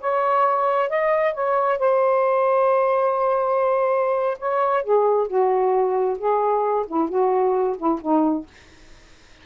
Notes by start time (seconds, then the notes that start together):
0.00 C#5
0.89 D#5
1.33 C#5
1.78 C5
4.39 C#5
4.83 G#4
5.27 F#4
6.18 G#4
6.87 E4
7.08 F#4
7.77 E4
8.01 D#4